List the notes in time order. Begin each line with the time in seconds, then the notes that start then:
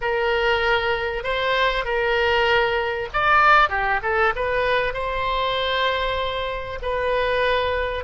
0.01 A#4
1.23 C5
1.84 A#4
3.13 D5
3.69 G4
4.02 A4
4.35 B4
4.93 C5
6.82 B4